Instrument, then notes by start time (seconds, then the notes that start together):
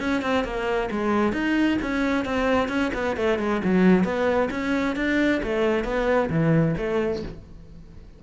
cello
0.00 C#4
0.22 C4
0.44 A#3
0.91 G#3
1.33 D#4
1.82 C#4
2.25 C4
2.69 C#4
2.94 B3
3.17 A3
3.39 G#3
3.64 F#3
4.04 B3
4.51 C#4
4.96 D4
5.43 A3
5.84 B3
6.30 E3
6.78 A3